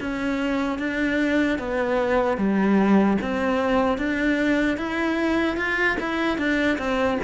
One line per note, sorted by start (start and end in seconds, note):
0.00 0.79 C#4
0.79 1.59 D4
1.59 2.37 B3
2.37 3.17 G3
3.21 3.98 C4
3.98 4.77 D4
4.77 5.57 E4
5.57 5.97 F4
6.00 6.37 E4
6.37 6.77 D4
6.78 7.18 C4